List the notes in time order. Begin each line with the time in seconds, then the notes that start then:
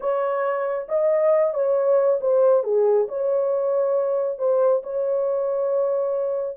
0.00 C#5
0.88 D#5
1.53 C#5
2.20 C5
2.63 G#4
3.08 C#5
4.38 C5
4.83 C#5